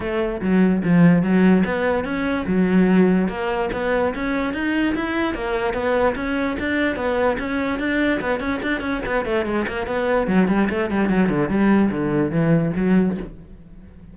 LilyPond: \new Staff \with { instrumentName = "cello" } { \time 4/4 \tempo 4 = 146 a4 fis4 f4 fis4 | b4 cis'4 fis2 | ais4 b4 cis'4 dis'4 | e'4 ais4 b4 cis'4 |
d'4 b4 cis'4 d'4 | b8 cis'8 d'8 cis'8 b8 a8 gis8 ais8 | b4 fis8 g8 a8 g8 fis8 d8 | g4 d4 e4 fis4 | }